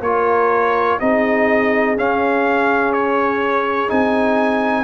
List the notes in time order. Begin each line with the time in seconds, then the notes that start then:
0.00 A#3 F4 A#4 C#5
0.99 C4 D#4 G#4 D#5
1.96 C#4 F5
2.92 C#5
3.87 C4 D#4 G#5